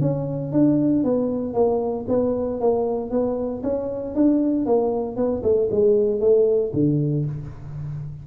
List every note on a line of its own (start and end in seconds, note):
0.00 0.52 C#4
0.52 1.03 D4
1.03 1.54 B3
1.54 2.05 A#3
2.08 2.60 B3
2.60 3.10 A#3
3.10 3.62 B3
3.63 4.14 C#4
4.15 4.65 D4
4.65 5.16 A#3
5.16 5.42 B3
5.43 5.68 A3
5.71 6.20 G#3
6.20 6.71 A3
6.73 7.25 D3